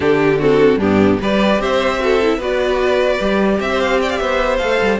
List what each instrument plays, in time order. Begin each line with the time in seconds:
0.00 cello D3, viola D4, violin G4 A4
0.24 violin G4
0.38 viola C4, violin F#4 A4
0.76 cello G2, viola B3, violin D4 G4
1.21 cello G3, viola G4, violin B4 D5
1.59 cello C4, violin C5 E5
2.00 viola F#4, violin A4
2.22 viola E4
2.37 cello B3, viola F#4, violin B4 D5
3.19 cello G3, viola G4
3.59 cello C4, violin G4 E5
3.69 violin C5
3.80 violin F5
4.01 violin D5 G5
4.10 violin F5
4.17 cello B3, violin C5 E5
4.57 cello A3, viola A4, violin F5
4.81 cello G3